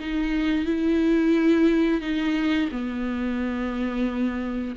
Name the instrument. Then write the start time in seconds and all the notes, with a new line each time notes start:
viola
0.00 D#4
0.66 E4
2.01 D#4
2.72 B3